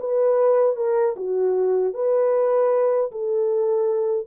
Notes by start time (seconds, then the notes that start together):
0.00 B4
0.76 A#4
1.16 F#4
1.94 B4
3.11 A4